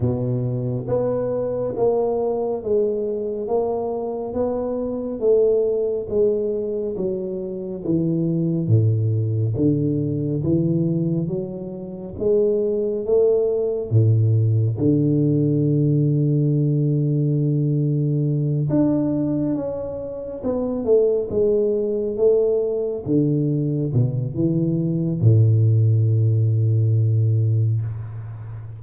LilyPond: \new Staff \with { instrumentName = "tuba" } { \time 4/4 \tempo 4 = 69 b,4 b4 ais4 gis4 | ais4 b4 a4 gis4 | fis4 e4 a,4 d4 | e4 fis4 gis4 a4 |
a,4 d2.~ | d4. d'4 cis'4 b8 | a8 gis4 a4 d4 b,8 | e4 a,2. | }